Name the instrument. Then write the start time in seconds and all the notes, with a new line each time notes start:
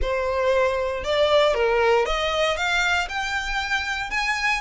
violin
0.01 C5
1.04 D5
1.54 A#4
2.05 D#5
2.56 F5
3.08 G5
4.10 G#5